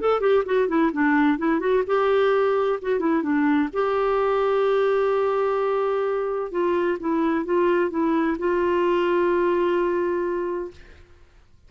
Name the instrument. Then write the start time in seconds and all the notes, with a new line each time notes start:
clarinet
0.00 A4
0.20 G4
0.45 F#4
0.68 E4
0.92 D4
1.38 E4
1.60 F#4
1.86 G4
2.82 F#4
2.99 E4
3.22 D4
3.73 G4
6.51 F4
7.00 E4
7.45 F4
7.90 E4
8.38 F4